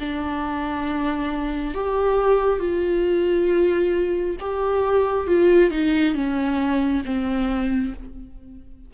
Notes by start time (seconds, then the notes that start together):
0.00 D4
1.74 G4
2.60 F4
4.40 G4
5.27 F4
5.71 D#4
6.14 C#4
7.05 C4